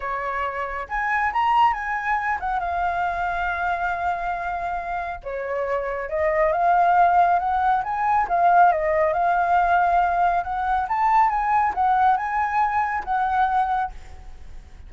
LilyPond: \new Staff \with { instrumentName = "flute" } { \time 4/4 \tempo 4 = 138 cis''2 gis''4 ais''4 | gis''4. fis''8 f''2~ | f''1 | cis''2 dis''4 f''4~ |
f''4 fis''4 gis''4 f''4 | dis''4 f''2. | fis''4 a''4 gis''4 fis''4 | gis''2 fis''2 | }